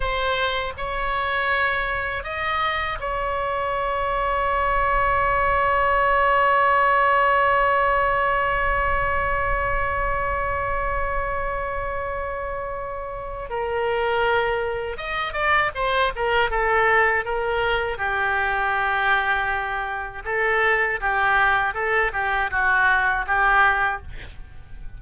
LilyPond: \new Staff \with { instrumentName = "oboe" } { \time 4/4 \tempo 4 = 80 c''4 cis''2 dis''4 | cis''1~ | cis''1~ | cis''1~ |
cis''2 ais'2 | dis''8 d''8 c''8 ais'8 a'4 ais'4 | g'2. a'4 | g'4 a'8 g'8 fis'4 g'4 | }